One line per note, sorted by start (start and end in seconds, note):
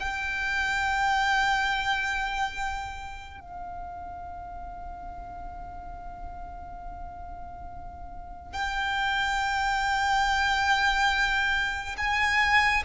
0.00 3.41 G5
3.41 8.53 F5
8.53 11.96 G5
11.98 12.83 G#5